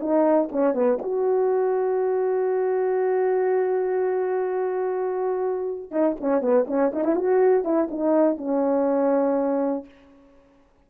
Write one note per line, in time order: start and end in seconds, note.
0.00 0.49 D#4
0.52 0.74 C#4
0.74 0.99 B3
1.02 5.91 F#4
5.91 6.16 D#4
6.20 6.42 C#4
6.42 6.66 B3
6.68 6.92 C#4
6.93 7.05 D#4
7.05 7.16 E4
7.16 7.64 F#4
7.64 7.89 E4
7.91 8.38 D#4
8.38 9.85 C#4